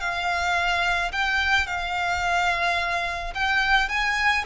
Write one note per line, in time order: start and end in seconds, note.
0.00 1.11 F5
1.12 1.67 G5
1.67 3.33 F5
3.34 3.89 G5
3.89 4.44 G#5